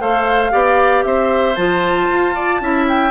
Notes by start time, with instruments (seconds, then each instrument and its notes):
0.00 bassoon A3, clarinet A4, oboe C5, flute F5
0.51 bassoon B3, clarinet G4, oboe D5
1.04 bassoon C4, oboe C5, flute E5
1.56 bassoon F3, clarinet F4, flute A5
2.10 bassoon F4
2.35 oboe D5
2.61 bassoon C#4, clarinet E4, oboe E5
2.89 flute G5